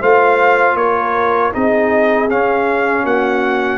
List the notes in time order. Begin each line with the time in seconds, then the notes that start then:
0.00 A3 F4 C5 F5
0.75 A#3 A#4 C#5
1.53 C4 D#4 G#4 D#5
2.30 C#4 F5
3.04 A#3 F#4 F#5